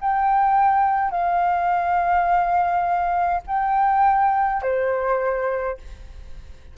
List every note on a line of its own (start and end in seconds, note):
0.00 1.11 G5
1.11 3.41 F5
3.47 4.62 G5
4.62 5.77 C5